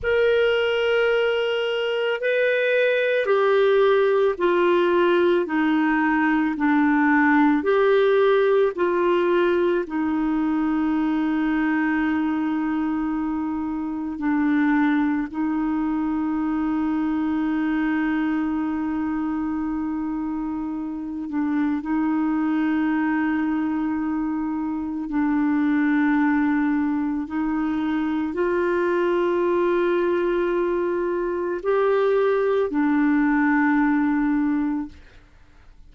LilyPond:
\new Staff \with { instrumentName = "clarinet" } { \time 4/4 \tempo 4 = 55 ais'2 b'4 g'4 | f'4 dis'4 d'4 g'4 | f'4 dis'2.~ | dis'4 d'4 dis'2~ |
dis'2.~ dis'8 d'8 | dis'2. d'4~ | d'4 dis'4 f'2~ | f'4 g'4 d'2 | }